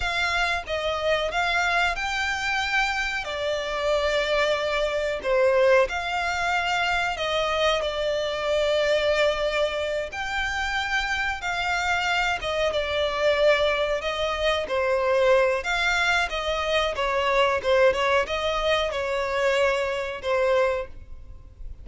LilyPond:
\new Staff \with { instrumentName = "violin" } { \time 4/4 \tempo 4 = 92 f''4 dis''4 f''4 g''4~ | g''4 d''2. | c''4 f''2 dis''4 | d''2.~ d''8 g''8~ |
g''4. f''4. dis''8 d''8~ | d''4. dis''4 c''4. | f''4 dis''4 cis''4 c''8 cis''8 | dis''4 cis''2 c''4 | }